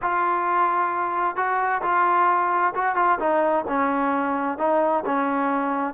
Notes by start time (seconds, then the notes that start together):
0.02 F4
1.35 F#4
1.82 F4
2.74 F#4
2.95 F4
3.19 D#4
3.68 C#4
4.58 D#4
5.05 C#4